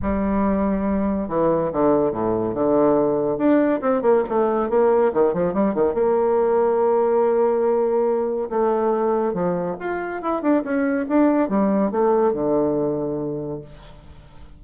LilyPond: \new Staff \with { instrumentName = "bassoon" } { \time 4/4 \tempo 4 = 141 g2. e4 | d4 a,4 d2 | d'4 c'8 ais8 a4 ais4 | dis8 f8 g8 dis8 ais2~ |
ais1 | a2 f4 f'4 | e'8 d'8 cis'4 d'4 g4 | a4 d2. | }